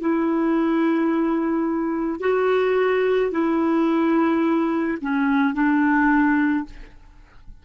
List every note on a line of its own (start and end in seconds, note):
0.00 2.20 E4
2.20 3.31 F#4
3.31 4.98 E4
5.02 5.54 C#4
5.54 6.65 D4